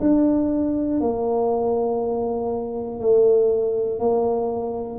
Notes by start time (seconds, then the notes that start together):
0.00 D4
1.00 A#3
3.00 A3
3.99 A#3